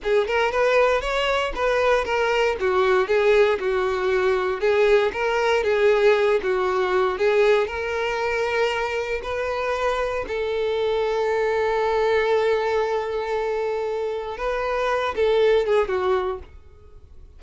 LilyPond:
\new Staff \with { instrumentName = "violin" } { \time 4/4 \tempo 4 = 117 gis'8 ais'8 b'4 cis''4 b'4 | ais'4 fis'4 gis'4 fis'4~ | fis'4 gis'4 ais'4 gis'4~ | gis'8 fis'4. gis'4 ais'4~ |
ais'2 b'2 | a'1~ | a'1 | b'4. a'4 gis'8 fis'4 | }